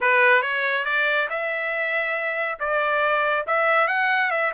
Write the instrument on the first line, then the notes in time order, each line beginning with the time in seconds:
trumpet
0.01 B4
0.42 C#5
0.85 D5
1.29 E5
2.59 D5
3.46 E5
3.87 F#5
4.30 E5